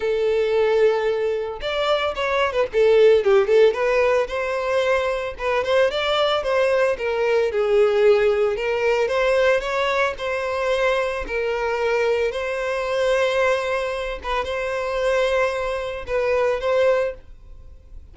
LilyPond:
\new Staff \with { instrumentName = "violin" } { \time 4/4 \tempo 4 = 112 a'2. d''4 | cis''8. b'16 a'4 g'8 a'8 b'4 | c''2 b'8 c''8 d''4 | c''4 ais'4 gis'2 |
ais'4 c''4 cis''4 c''4~ | c''4 ais'2 c''4~ | c''2~ c''8 b'8 c''4~ | c''2 b'4 c''4 | }